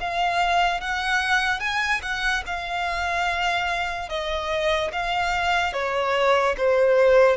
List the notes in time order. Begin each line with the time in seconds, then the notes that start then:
0.00 F5
0.80 F#5
1.60 G#5
2.02 F#5
2.46 F5
4.09 D#5
4.92 F5
5.73 C#5
6.57 C5